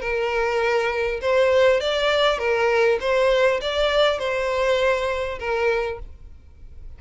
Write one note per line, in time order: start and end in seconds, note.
0.00 1.20 A#4
1.21 1.80 C5
1.80 2.38 D5
2.38 2.98 A#4
3.00 3.60 C5
3.61 4.18 D5
4.18 5.38 C5
5.39 5.99 A#4